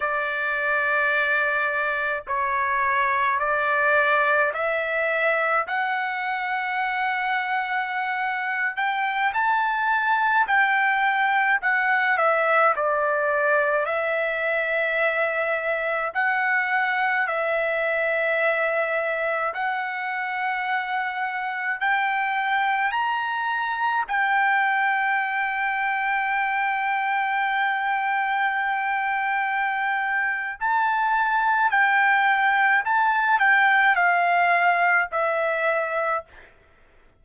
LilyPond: \new Staff \with { instrumentName = "trumpet" } { \time 4/4 \tempo 4 = 53 d''2 cis''4 d''4 | e''4 fis''2~ fis''8. g''16~ | g''16 a''4 g''4 fis''8 e''8 d''8.~ | d''16 e''2 fis''4 e''8.~ |
e''4~ e''16 fis''2 g''8.~ | g''16 ais''4 g''2~ g''8.~ | g''2. a''4 | g''4 a''8 g''8 f''4 e''4 | }